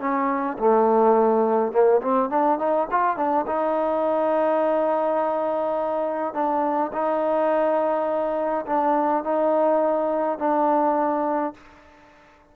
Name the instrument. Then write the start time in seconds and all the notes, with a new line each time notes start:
trombone
0.00 C#4
0.59 A3
1.73 A#3
2.02 C4
2.30 D4
2.59 D#4
2.91 F4
3.17 D4
3.47 D#4
6.34 D4
6.93 D#4
8.66 D4
9.24 D#4
10.39 D4